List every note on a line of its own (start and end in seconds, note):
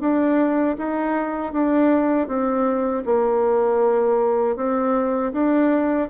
0.00 0.76 D4
0.77 1.52 D#4
1.52 2.27 D4
2.27 3.03 C4
3.05 4.56 A#3
4.56 5.32 C4
5.32 6.08 D4